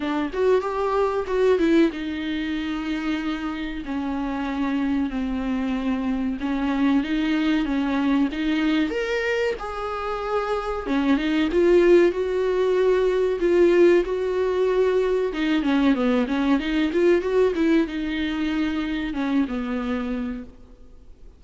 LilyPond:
\new Staff \with { instrumentName = "viola" } { \time 4/4 \tempo 4 = 94 d'8 fis'8 g'4 fis'8 e'8 dis'4~ | dis'2 cis'2 | c'2 cis'4 dis'4 | cis'4 dis'4 ais'4 gis'4~ |
gis'4 cis'8 dis'8 f'4 fis'4~ | fis'4 f'4 fis'2 | dis'8 cis'8 b8 cis'8 dis'8 f'8 fis'8 e'8 | dis'2 cis'8 b4. | }